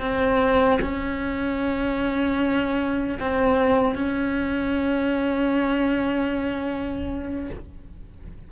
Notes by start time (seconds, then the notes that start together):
0.00 C4
0.81 C#4
3.20 C4
3.95 C#4